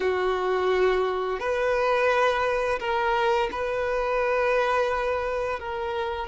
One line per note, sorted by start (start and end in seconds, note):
0.00 1.40 F#4
1.40 2.79 B4
2.79 3.49 A#4
3.51 5.59 B4
5.59 6.28 A#4